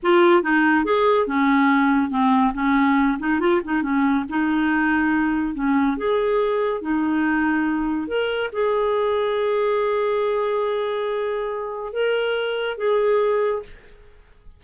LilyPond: \new Staff \with { instrumentName = "clarinet" } { \time 4/4 \tempo 4 = 141 f'4 dis'4 gis'4 cis'4~ | cis'4 c'4 cis'4. dis'8 | f'8 dis'8 cis'4 dis'2~ | dis'4 cis'4 gis'2 |
dis'2. ais'4 | gis'1~ | gis'1 | ais'2 gis'2 | }